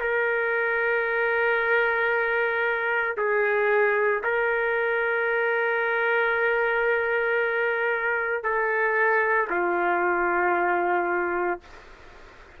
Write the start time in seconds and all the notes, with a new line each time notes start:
0.00 A#4
3.17 G#4
4.23 A#4
8.43 A4
9.50 F4